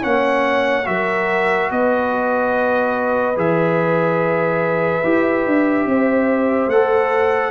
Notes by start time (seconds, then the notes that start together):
0.00 A#3 C#4 C#5 F#5
0.85 F#3 F#4 A#4 E5
1.71 B3 B4 D#5
3.36 E3 G#4 E5
5.04 E4 G4
5.46 D4
5.85 C4 C5
6.67 A3 A4 F#5